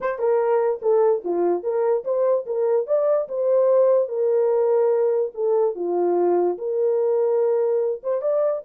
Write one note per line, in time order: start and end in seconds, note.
0.00 0.18 C5
0.18 0.80 A#4
0.81 1.23 A4
1.24 1.63 F4
1.63 2.04 A#4
2.04 2.45 C5
2.46 2.86 A#4
2.86 3.27 D5
3.28 4.08 C5
4.08 5.31 A#4
5.34 5.75 A4
5.75 6.57 F4
6.58 8.01 A#4
8.03 8.21 C5
8.21 8.62 D5